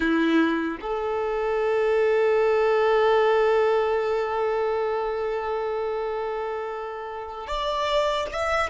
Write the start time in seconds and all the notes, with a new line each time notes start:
0.00 E4
0.80 A4
7.47 D5
8.31 E5